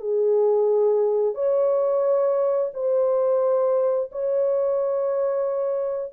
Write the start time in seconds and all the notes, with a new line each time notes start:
0.00 G#4
1.35 C#5
2.74 C5
4.12 C#5